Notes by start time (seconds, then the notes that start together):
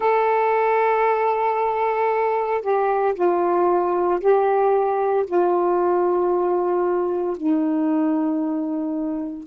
0.00 A4
2.61 G4
3.14 F4
4.20 G4
5.26 F4
7.36 D#4